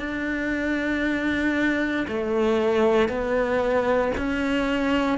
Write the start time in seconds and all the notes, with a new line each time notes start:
0.00 D4
2.08 A3
3.09 B3
4.18 C#4